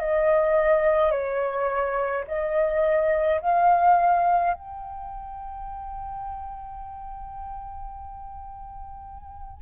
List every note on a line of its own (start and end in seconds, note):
0.00 1.11 D#5
1.11 2.24 C#5
2.28 3.41 D#5
3.41 4.54 F5
4.54 9.62 G5